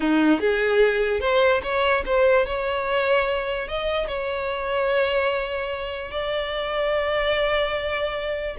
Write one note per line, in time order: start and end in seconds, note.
0.00 0.40 D#4
0.40 1.20 G#4
1.20 1.61 C5
1.62 2.03 C#5
2.05 2.46 C5
2.46 3.68 C#5
3.68 4.07 D#5
4.07 6.11 C#5
6.11 8.56 D5